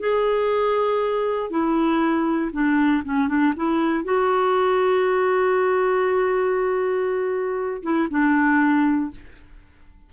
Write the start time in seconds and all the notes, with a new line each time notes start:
0.00 G#4
1.50 E4
2.53 D4
3.05 C#4
3.28 D4
3.56 E4
4.04 F#4
7.83 E4
8.10 D4